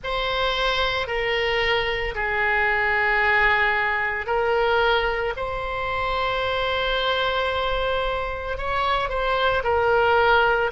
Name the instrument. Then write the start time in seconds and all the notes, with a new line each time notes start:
oboe
0.03 C5
1.07 A#4
2.14 G#4
4.26 A#4
5.36 C5
8.57 C#5
9.09 C5
9.63 A#4